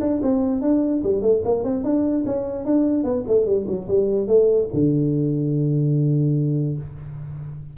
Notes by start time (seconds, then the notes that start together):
0.00 D4
0.22 C4
0.61 D4
1.03 G3
1.22 A3
1.44 A#3
1.64 C4
1.83 D4
2.25 C#4
2.65 D4
3.04 B3
3.27 A3
3.45 G3
3.67 F#3
3.88 G3
4.27 A3
4.73 D3